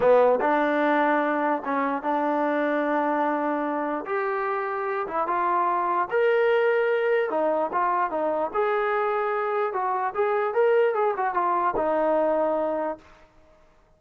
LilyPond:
\new Staff \with { instrumentName = "trombone" } { \time 4/4 \tempo 4 = 148 b4 d'2. | cis'4 d'2.~ | d'2 g'2~ | g'8 e'8 f'2 ais'4~ |
ais'2 dis'4 f'4 | dis'4 gis'2. | fis'4 gis'4 ais'4 gis'8 fis'8 | f'4 dis'2. | }